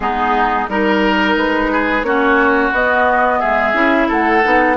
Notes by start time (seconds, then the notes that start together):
0.00 G#3 B3 D#4 G#4
0.68 G3 D#4 A#4
1.36 G#3 B4
1.71 G#4
2.03 A#3 C#4 F#4 C#5
2.71 B3 D#5
3.39 G#3 G#4 E5
3.73 C#4 E4
4.08 A3 A4 F#5
4.43 B3 D#4